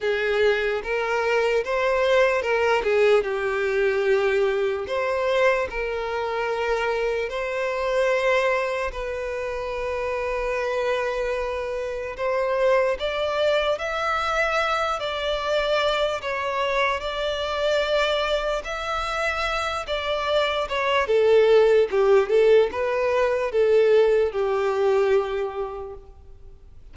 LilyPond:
\new Staff \with { instrumentName = "violin" } { \time 4/4 \tempo 4 = 74 gis'4 ais'4 c''4 ais'8 gis'8 | g'2 c''4 ais'4~ | ais'4 c''2 b'4~ | b'2. c''4 |
d''4 e''4. d''4. | cis''4 d''2 e''4~ | e''8 d''4 cis''8 a'4 g'8 a'8 | b'4 a'4 g'2 | }